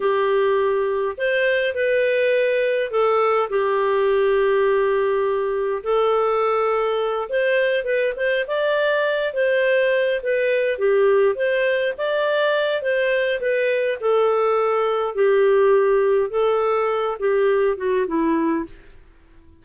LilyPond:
\new Staff \with { instrumentName = "clarinet" } { \time 4/4 \tempo 4 = 103 g'2 c''4 b'4~ | b'4 a'4 g'2~ | g'2 a'2~ | a'8 c''4 b'8 c''8 d''4. |
c''4. b'4 g'4 c''8~ | c''8 d''4. c''4 b'4 | a'2 g'2 | a'4. g'4 fis'8 e'4 | }